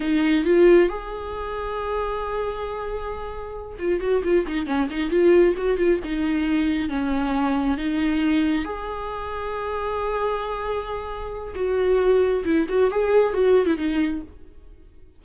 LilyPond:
\new Staff \with { instrumentName = "viola" } { \time 4/4 \tempo 4 = 135 dis'4 f'4 gis'2~ | gis'1~ | gis'8 f'8 fis'8 f'8 dis'8 cis'8 dis'8 f'8~ | f'8 fis'8 f'8 dis'2 cis'8~ |
cis'4. dis'2 gis'8~ | gis'1~ | gis'2 fis'2 | e'8 fis'8 gis'4 fis'8. e'16 dis'4 | }